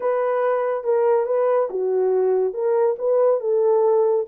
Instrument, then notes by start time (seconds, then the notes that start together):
horn
0.00 B4
0.84 A#4
1.26 B4
1.70 F#4
2.53 A#4
2.98 B4
3.40 A4